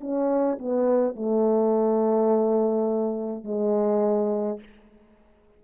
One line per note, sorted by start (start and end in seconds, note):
0.00 0.58 C#4
0.58 1.15 B3
1.15 3.44 A3
3.44 4.59 G#3